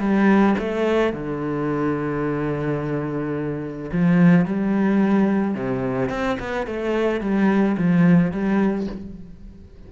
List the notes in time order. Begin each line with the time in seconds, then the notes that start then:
0.00 G3
0.59 A3
1.13 D3
3.92 F3
4.46 G3
5.55 C3
6.10 C4
6.40 B3
6.67 A3
7.21 G3
7.78 F3
8.32 G3